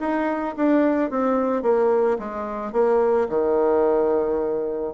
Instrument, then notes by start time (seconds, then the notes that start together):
bassoon
0.00 D#4
0.57 D4
1.11 C4
1.62 A#3
2.19 G#3
2.72 A#3
3.29 D#3